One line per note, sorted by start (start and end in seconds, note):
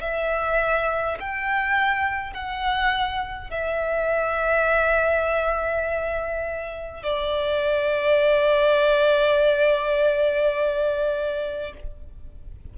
0.00 1.18 E5
1.20 2.33 G5
2.33 3.50 F#5
3.50 7.03 E5
7.03 11.73 D5